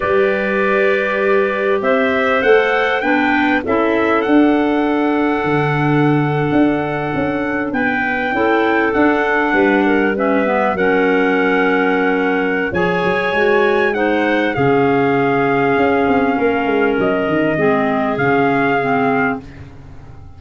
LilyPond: <<
  \new Staff \with { instrumentName = "trumpet" } { \time 4/4 \tempo 4 = 99 d''2. e''4 | fis''4 g''4 e''4 fis''4~ | fis''1~ | fis''8. g''2 fis''4~ fis''16~ |
fis''8. e''4 fis''2~ fis''16~ | fis''4 gis''2 fis''4 | f''1 | dis''2 f''2 | }
  \new Staff \with { instrumentName = "clarinet" } { \time 4/4 b'2. c''4~ | c''4 b'4 a'2~ | a'1~ | a'8. b'4 a'2 b'16~ |
b'16 ais'8 b'4 ais'2~ ais'16~ | ais'4 cis''2 c''4 | gis'2. ais'4~ | ais'4 gis'2. | }
  \new Staff \with { instrumentName = "clarinet" } { \time 4/4 g'1 | a'4 d'4 e'4 d'4~ | d'1~ | d'4.~ d'16 e'4 d'4~ d'16~ |
d'8. cis'8 b8 cis'2~ cis'16~ | cis'4 gis'4 fis'4 dis'4 | cis'1~ | cis'4 c'4 cis'4 c'4 | }
  \new Staff \with { instrumentName = "tuba" } { \time 4/4 g2. c'4 | a4 b4 cis'4 d'4~ | d'4 d4.~ d16 d'4 cis'16~ | cis'8. b4 cis'4 d'4 g16~ |
g4.~ g16 fis2~ fis16~ | fis4 f8 fis8 gis2 | cis2 cis'8 c'8 ais8 gis8 | fis8 dis8 gis4 cis2 | }
>>